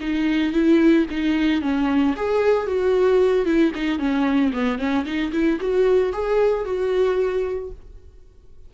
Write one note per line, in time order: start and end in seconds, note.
0.00 0.53 D#4
0.53 1.06 E4
1.10 1.61 D#4
1.61 2.14 C#4
2.16 2.66 G#4
2.66 3.45 F#4
3.45 3.71 E4
3.75 3.98 D#4
3.98 4.51 C#4
4.53 4.78 B3
4.78 5.04 C#4
5.05 5.31 D#4
5.32 5.59 E4
5.60 6.13 F#4
6.13 6.64 G#4
6.64 7.71 F#4